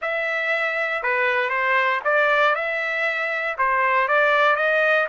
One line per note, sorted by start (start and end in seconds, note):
0.01 1.02 E5
1.02 1.49 B4
1.49 2.00 C5
2.04 2.55 D5
2.55 3.56 E5
3.58 4.07 C5
4.07 4.56 D5
4.56 5.06 D#5